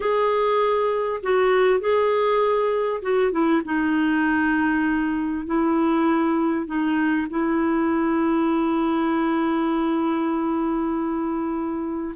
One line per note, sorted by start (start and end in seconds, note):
0.00 1.21 G#4
1.23 1.80 F#4
1.80 3.01 G#4
3.02 3.31 F#4
3.31 3.61 E4
3.64 5.46 D#4
5.46 6.66 E4
6.66 7.27 D#4
7.30 12.15 E4